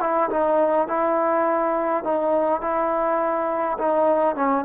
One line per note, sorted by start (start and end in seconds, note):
0.00 0.29 E4
0.30 0.87 D#4
0.87 2.04 E4
2.04 2.61 D#4
2.61 3.77 E4
3.78 4.35 D#4
4.35 4.64 C#4